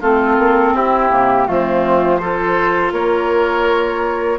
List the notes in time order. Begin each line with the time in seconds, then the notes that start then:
0.00 A3 C4 F4 A4
0.38 A#3
0.74 C4 E4 G4
1.10 C3 A#3
1.46 F3 A3 C4 F4
2.18 F4 A4 C5
2.92 A#3 A#4 C#5